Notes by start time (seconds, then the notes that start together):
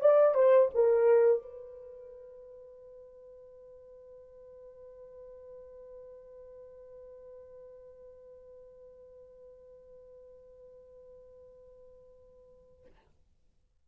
0.00 D5
0.34 C5
0.74 A#4
1.42 B4